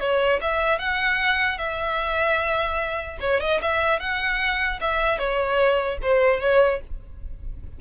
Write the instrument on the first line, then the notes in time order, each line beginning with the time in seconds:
violin
0.00 C#5
0.41 E5
0.79 F#5
1.58 E5
3.20 C#5
3.41 D#5
3.61 E5
4.00 F#5
4.81 E5
5.18 C#5
6.02 C5
6.40 C#5